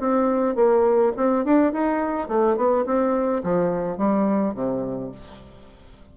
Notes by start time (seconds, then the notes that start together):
0.00 C4
0.56 A#3
1.17 C4
1.45 D4
1.73 D#4
2.29 A3
2.57 B3
2.86 C4
3.44 F3
3.98 G3
4.55 C3